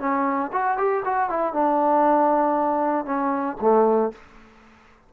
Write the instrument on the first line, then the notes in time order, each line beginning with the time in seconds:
trombone
0.00 C#4
0.53 F#4
0.78 G4
1.05 F#4
1.30 E4
1.54 D4
3.06 C#4
3.61 A3